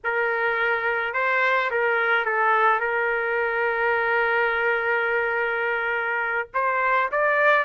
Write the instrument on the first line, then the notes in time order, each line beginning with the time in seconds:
trumpet
0.04 A#4
1.13 C5
1.70 A#4
2.25 A4
2.80 A#4
6.54 C5
7.11 D5